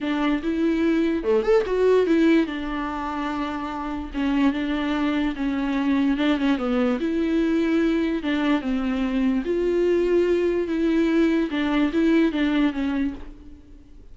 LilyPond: \new Staff \with { instrumentName = "viola" } { \time 4/4 \tempo 4 = 146 d'4 e'2 a8 a'8 | fis'4 e'4 d'2~ | d'2 cis'4 d'4~ | d'4 cis'2 d'8 cis'8 |
b4 e'2. | d'4 c'2 f'4~ | f'2 e'2 | d'4 e'4 d'4 cis'4 | }